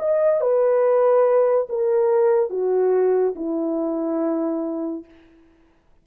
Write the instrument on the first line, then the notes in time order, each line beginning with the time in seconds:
horn
0.00 D#5
0.41 B4
1.70 A#4
2.50 F#4
3.36 E4